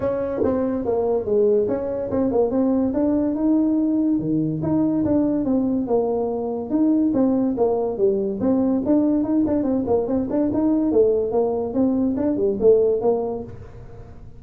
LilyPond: \new Staff \with { instrumentName = "tuba" } { \time 4/4 \tempo 4 = 143 cis'4 c'4 ais4 gis4 | cis'4 c'8 ais8 c'4 d'4 | dis'2 dis4 dis'4 | d'4 c'4 ais2 |
dis'4 c'4 ais4 g4 | c'4 d'4 dis'8 d'8 c'8 ais8 | c'8 d'8 dis'4 a4 ais4 | c'4 d'8 g8 a4 ais4 | }